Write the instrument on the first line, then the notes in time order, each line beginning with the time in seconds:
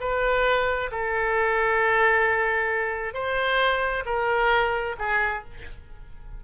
oboe
0.00 B4
0.91 A4
3.13 C5
4.05 A#4
4.98 G#4